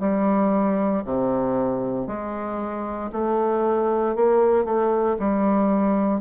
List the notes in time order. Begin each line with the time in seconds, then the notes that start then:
0.00 G3
1.05 C3
2.07 G#3
3.12 A3
4.16 A#3
4.65 A3
5.19 G3